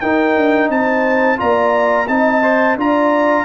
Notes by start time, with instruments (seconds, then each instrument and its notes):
0.00 tuba D#4, trombone D#4, horn A#4, trumpet G5
0.36 tuba D4
0.69 tuba C4, horn C5, trumpet A5
1.37 tuba A#3, trombone F4, horn D5, trumpet A#5
2.07 tuba C4, trombone D#4, horn D#5, trumpet A5
2.42 trombone C5
2.76 tuba D4, trombone F4, horn D5, trumpet A#5